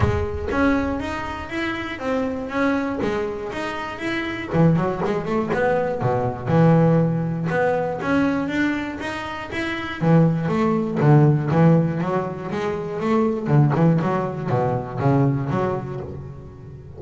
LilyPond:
\new Staff \with { instrumentName = "double bass" } { \time 4/4 \tempo 4 = 120 gis4 cis'4 dis'4 e'4 | c'4 cis'4 gis4 dis'4 | e'4 e8 fis8 gis8 a8 b4 | b,4 e2 b4 |
cis'4 d'4 dis'4 e'4 | e4 a4 d4 e4 | fis4 gis4 a4 d8 e8 | fis4 b,4 cis4 fis4 | }